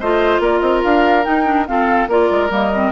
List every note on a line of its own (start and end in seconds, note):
0.00 0.40 A3
0.00 1.24 F4
0.00 0.42 C5
0.00 0.42 D#5
0.40 0.61 A#3
0.40 1.68 A#4
0.40 0.60 D5
0.60 0.83 C4
0.60 0.81 D#5
0.84 1.27 D4
0.84 1.25 F5
1.24 1.45 D#4
1.24 1.69 D#4
1.24 1.67 G5
1.45 1.66 D4
1.67 2.09 C4
1.67 2.08 F4
1.67 2.09 A4
1.67 2.09 F5
2.08 2.29 A#3
2.08 2.50 F4
2.08 2.92 A#4
2.08 2.53 D5
2.31 2.50 G#3
2.50 2.92 G3
2.50 2.71 A#3
2.50 2.92 D#5
2.75 2.92 C4